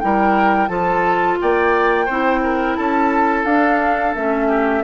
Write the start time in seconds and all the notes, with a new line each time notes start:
0.00 G3 E4 A#4 G5
0.68 F3 F4 A4 A5
1.41 A#3 D5 G5
2.05 C4 E4 C5
2.43 A#4
2.76 C#4 A4 A5
3.45 D4 F5
4.15 A3 C#4 E5
4.48 G4